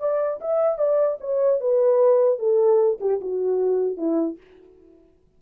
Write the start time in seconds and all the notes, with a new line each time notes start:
0.00 D5
0.41 E5
0.78 D5
1.21 C#5
1.61 B4
2.39 A4
3.01 G4
3.21 F#4
3.98 E4